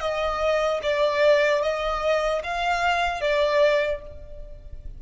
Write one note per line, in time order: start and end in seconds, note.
0.00 0.80 D#5
0.83 1.62 D5
1.62 2.42 D#5
2.44 3.21 F5
3.21 4.01 D5